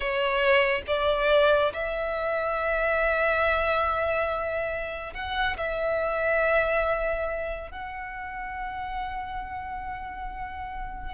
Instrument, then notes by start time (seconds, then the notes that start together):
violin
0.00 C#5
0.87 D5
1.73 E5
5.14 F#5
5.57 E5
7.71 F#5